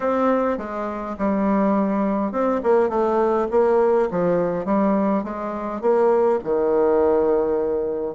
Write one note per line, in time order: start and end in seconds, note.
0.00 0.57 C4
0.57 1.15 G#3
1.18 2.31 G3
2.31 2.61 C4
2.63 2.89 A#3
2.89 3.47 A3
3.50 4.09 A#3
4.11 4.65 F3
4.65 5.23 G3
5.23 5.81 G#3
5.81 6.39 A#3
6.43 8.15 D#3